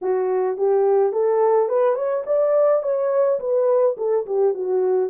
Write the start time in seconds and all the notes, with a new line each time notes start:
0.01 F#4
0.57 G4
1.12 A4
1.68 B4
1.95 C#5
2.26 D5
2.82 C#5
3.39 B4
3.97 A4
4.26 G4
4.54 F#4